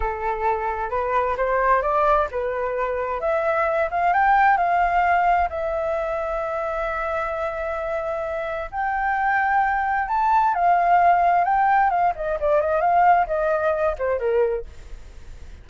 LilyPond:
\new Staff \with { instrumentName = "flute" } { \time 4/4 \tempo 4 = 131 a'2 b'4 c''4 | d''4 b'2 e''4~ | e''8 f''8 g''4 f''2 | e''1~ |
e''2. g''4~ | g''2 a''4 f''4~ | f''4 g''4 f''8 dis''8 d''8 dis''8 | f''4 dis''4. c''8 ais'4 | }